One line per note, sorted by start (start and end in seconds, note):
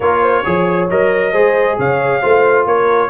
0.00 0.44 A#3
0.00 0.44 F4
0.00 0.21 A#4
0.00 0.88 C#5
0.21 0.43 C5
0.44 0.90 F3
0.44 0.88 G#4
0.44 1.32 C#5
0.89 1.33 F#3
0.89 1.33 A#4
0.89 1.78 D#5
1.32 1.77 G#3
1.32 2.21 G#4
1.32 1.76 C5
1.78 2.22 C#3
1.78 2.21 C#5
1.78 2.66 F5
2.21 2.66 A3
2.21 3.09 F4
2.21 2.66 C5
2.66 3.09 A#3
2.66 3.09 A#4
2.66 3.09 C#5